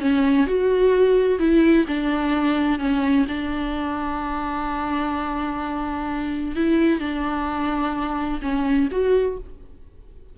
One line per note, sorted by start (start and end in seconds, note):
0.00 0.47 C#4
0.47 1.39 F#4
1.39 1.86 E4
1.87 2.79 D4
2.79 3.26 C#4
3.28 6.56 D4
6.56 7.00 E4
7.00 8.41 D4
8.42 8.89 C#4
8.91 9.38 F#4